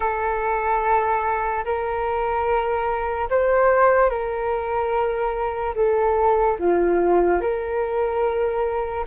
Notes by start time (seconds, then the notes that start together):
0.00 A4
1.64 A#4
3.30 C5
4.09 A#4
5.75 A4
6.58 F4
7.40 A#4